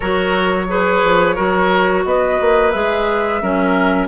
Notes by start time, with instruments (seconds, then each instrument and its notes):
0.00 bassoon F#3, clarinet F#4, oboe A#4, flute C#5
0.68 clarinet G#4, oboe B4
1.03 bassoon F3
1.35 bassoon F#3, clarinet F#4, oboe A#4
2.04 bassoon B3, oboe B4, flute D#5
2.40 bassoon A#3
2.71 bassoon G#3, clarinet G#4, flute E5
3.42 bassoon F#3, clarinet C#4, oboe A#4